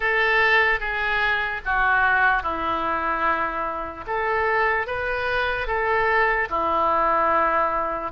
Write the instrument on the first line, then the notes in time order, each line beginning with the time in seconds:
oboe
0.00 A4
0.80 G#4
1.65 F#4
2.43 E4
4.06 A4
4.86 B4
5.67 A4
6.49 E4